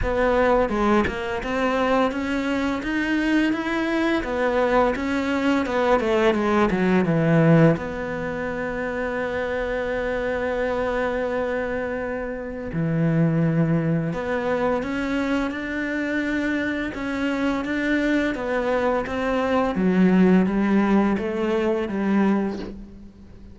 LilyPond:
\new Staff \with { instrumentName = "cello" } { \time 4/4 \tempo 4 = 85 b4 gis8 ais8 c'4 cis'4 | dis'4 e'4 b4 cis'4 | b8 a8 gis8 fis8 e4 b4~ | b1~ |
b2 e2 | b4 cis'4 d'2 | cis'4 d'4 b4 c'4 | fis4 g4 a4 g4 | }